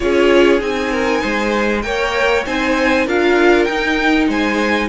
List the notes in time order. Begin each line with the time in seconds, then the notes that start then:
0.00 C#4 F4 G#4 C#5
0.59 C4 D#4 G#5
0.91 A#4
1.21 G#3 C5
1.81 A#3 A#4 C#5 G5
2.45 C4 D#4 C5 G#5
3.06 D4 F4 A#4 F5
3.64 D#4 G5
4.28 G#3 C5 G#5